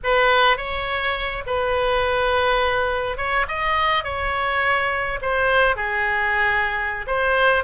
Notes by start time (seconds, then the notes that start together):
0.03 B4
0.57 C#5
1.46 B4
3.17 C#5
3.47 D#5
4.04 C#5
5.21 C5
5.76 G#4
7.06 C5